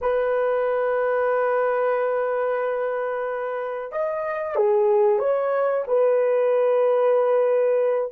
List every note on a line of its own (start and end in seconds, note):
0.01 3.91 B4
3.91 4.55 D#5
4.55 5.18 G#4
5.18 5.83 C#5
5.87 8.11 B4